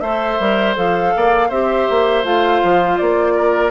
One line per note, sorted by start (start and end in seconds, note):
0.00 0.37 A3
0.00 0.40 A4
0.00 1.13 C5
0.00 0.74 E5
0.39 0.76 G3
0.39 0.75 A#4
0.75 1.13 F3
0.75 1.49 A4
0.75 1.50 F5
1.16 1.50 A#3
1.16 1.48 D5
1.48 1.87 C4
1.48 2.23 G4
1.48 3.34 C5
1.48 2.24 E5
1.89 2.24 A#3
2.23 2.61 A3
2.23 3.71 F4
2.23 2.97 F5
2.63 3.00 F3
2.97 3.71 A#3
2.97 3.71 D5
3.35 3.71 A#4